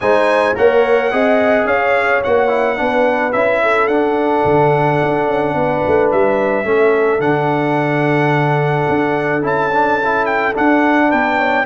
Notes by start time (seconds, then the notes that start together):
0.00 G#3 D#4 C5 G#5
0.54 A#3 A#4 C#5 F#5
1.11 C4 G#4 D#5
1.64 C#4 C#5 F5
2.23 A#3 F#4 F#5
2.48 E4
2.76 B3 D4 B4
3.32 C#4 E4 E5
3.62 A4
3.87 D4 F#5
4.44 D3
5.02 D4
5.27 C#4
5.54 B3 B4
5.87 A3
6.11 G3 E5
6.64 A3 C#4 A4
7.19 D3 D4 F#5
8.88 D4
9.41 C#4 E4 A5
9.72 D4
10.04 E4
10.25 G5
10.54 D4 F#5
11.08 B3 B4 G5
11.37 C#5